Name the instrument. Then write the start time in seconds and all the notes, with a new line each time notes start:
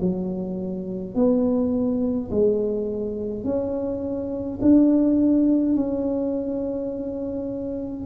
tuba
0.00 F#3
1.14 B3
2.31 G#3
3.44 C#4
4.62 D4
5.75 C#4